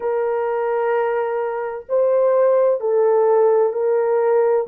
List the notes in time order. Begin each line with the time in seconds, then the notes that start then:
0.00 A#4
1.88 C5
2.80 A4
3.72 A#4